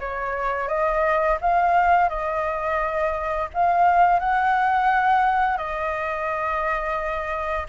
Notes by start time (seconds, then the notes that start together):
0.00 C#5
0.69 D#5
1.41 F5
2.10 D#5
3.54 F5
4.20 F#5
5.58 D#5